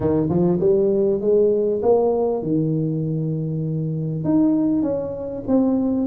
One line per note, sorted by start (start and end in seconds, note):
0.00 0.29 D#3
0.29 0.59 F3
0.60 1.20 G3
1.20 1.81 G#3
1.82 2.42 A#3
2.42 4.24 D#3
4.24 4.82 D#4
4.82 5.43 C#4
5.47 6.06 C4